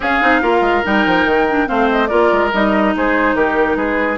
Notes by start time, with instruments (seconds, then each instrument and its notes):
0.00 bassoon C#4, clarinet C#4, oboe G#4, flute F5
0.21 bassoon C4, clarinet D#4
0.41 bassoon A#3, clarinet F4, oboe A#4
0.60 bassoon G#3
0.83 bassoon G3, clarinet D#4, flute G5
1.05 bassoon F3
1.25 bassoon D#3
1.48 clarinet D4
1.67 bassoon A3, clarinet C4, oboe C5, flute F5
1.90 flute D#5
2.07 bassoon A#3, clarinet F4, oboe A#4, flute D5
2.31 bassoon G#3
2.53 bassoon G3, clarinet D#4, flute D#5
2.95 bassoon G#3, oboe G#4, flute C5
3.33 bassoon D#3, oboe G4, flute A#4
3.76 bassoon G#3, oboe G#4, flute B4